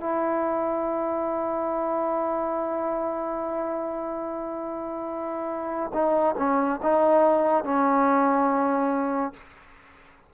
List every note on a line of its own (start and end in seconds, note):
0.00 5.92 E4
5.93 6.35 D#4
6.38 6.80 C#4
6.82 7.64 D#4
7.64 9.33 C#4